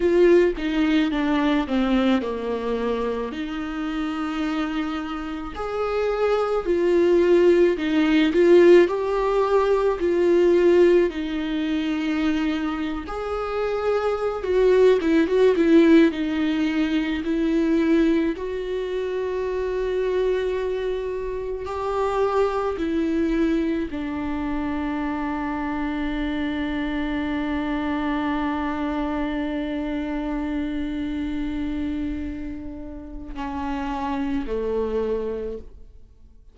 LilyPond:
\new Staff \with { instrumentName = "viola" } { \time 4/4 \tempo 4 = 54 f'8 dis'8 d'8 c'8 ais4 dis'4~ | dis'4 gis'4 f'4 dis'8 f'8 | g'4 f'4 dis'4.~ dis'16 gis'16~ | gis'4 fis'8 e'16 fis'16 e'8 dis'4 e'8~ |
e'8 fis'2. g'8~ | g'8 e'4 d'2~ d'8~ | d'1~ | d'2 cis'4 a4 | }